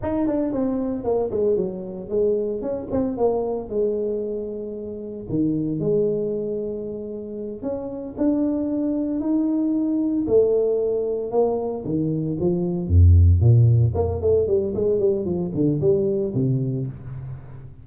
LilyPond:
\new Staff \with { instrumentName = "tuba" } { \time 4/4 \tempo 4 = 114 dis'8 d'8 c'4 ais8 gis8 fis4 | gis4 cis'8 c'8 ais4 gis4~ | gis2 dis4 gis4~ | gis2~ gis8 cis'4 d'8~ |
d'4. dis'2 a8~ | a4. ais4 dis4 f8~ | f8 f,4 ais,4 ais8 a8 g8 | gis8 g8 f8 d8 g4 c4 | }